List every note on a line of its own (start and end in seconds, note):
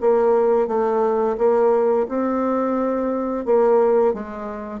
0.00 0.67 A#3
0.67 1.36 A3
1.37 2.06 A#3
2.08 3.45 C4
3.45 4.13 A#3
4.13 4.80 G#3